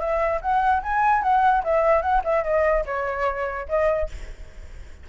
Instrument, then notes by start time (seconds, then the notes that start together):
flute
0.00 E5
0.42 F#5
0.83 G#5
1.23 F#5
1.64 E5
2.02 F#5
2.24 E5
2.44 D#5
2.86 C#5
3.69 D#5